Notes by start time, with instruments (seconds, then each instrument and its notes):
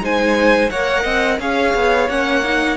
0.00 cello G#3, viola D#4, violin C5 G#5
0.70 cello A#3, viola A#4, violin C#5 F#5
1.02 cello C4, violin D#5
1.39 cello C#4, viola G#4, violin C#5 F5
1.74 cello B3
2.08 cello A#3, viola C#4, violin F#5
2.44 viola D#4